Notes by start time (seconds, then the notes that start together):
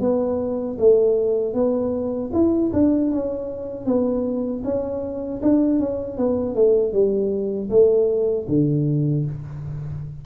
0.00 B3
0.79 A3
1.53 B3
2.33 E4
2.73 D4
3.11 C#4
3.86 B3
4.64 C#4
5.42 D4
5.79 C#4
6.17 B3
6.55 A3
6.92 G3
7.70 A3
8.48 D3